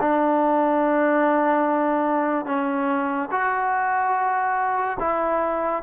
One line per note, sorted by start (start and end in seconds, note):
0.00 2.45 D4
2.45 3.29 C#4
3.31 4.98 F#4
5.00 5.83 E4